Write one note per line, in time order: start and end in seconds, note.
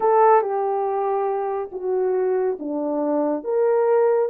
0.00 0.41 A4
0.41 1.69 G4
1.72 2.58 F#4
2.59 3.44 D4
3.44 4.29 A#4